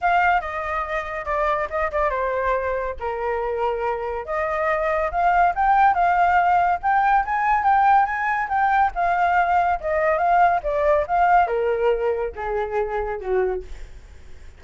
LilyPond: \new Staff \with { instrumentName = "flute" } { \time 4/4 \tempo 4 = 141 f''4 dis''2 d''4 | dis''8 d''8 c''2 ais'4~ | ais'2 dis''2 | f''4 g''4 f''2 |
g''4 gis''4 g''4 gis''4 | g''4 f''2 dis''4 | f''4 d''4 f''4 ais'4~ | ais'4 gis'2 fis'4 | }